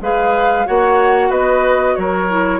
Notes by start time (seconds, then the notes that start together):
0.00 G#3 G#4 B4 F5
0.65 A#3 F#4 C#5 F#5
1.29 B3 B4 D#5
1.95 F#3 A#4 C#5
2.29 E4